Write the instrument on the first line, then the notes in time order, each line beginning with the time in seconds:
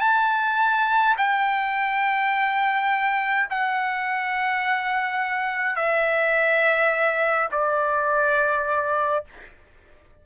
trumpet
0.00 A5
1.17 G5
3.50 F#5
5.76 E5
7.52 D5